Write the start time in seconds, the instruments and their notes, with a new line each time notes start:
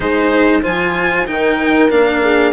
0.00 bassoon G#3, cello D#4, horn G#4, violin C5
0.62 bassoon F3, cello F4, horn C5, violin G#5
1.26 bassoon D#3, cello D#4, horn A#4, violin G5
1.89 bassoon A#3, cello D4, violin F5
2.21 horn G#4